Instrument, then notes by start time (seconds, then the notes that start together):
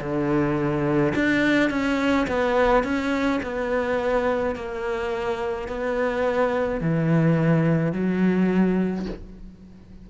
cello
0.00 D3
1.15 D4
1.70 C#4
2.27 B3
2.84 C#4
3.43 B3
4.55 A#3
5.68 B3
6.80 E3
7.92 F#3